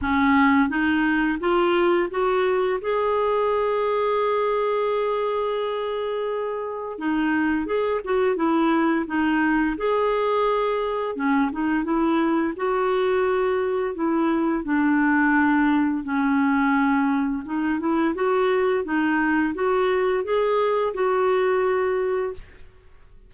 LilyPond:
\new Staff \with { instrumentName = "clarinet" } { \time 4/4 \tempo 4 = 86 cis'4 dis'4 f'4 fis'4 | gis'1~ | gis'2 dis'4 gis'8 fis'8 | e'4 dis'4 gis'2 |
cis'8 dis'8 e'4 fis'2 | e'4 d'2 cis'4~ | cis'4 dis'8 e'8 fis'4 dis'4 | fis'4 gis'4 fis'2 | }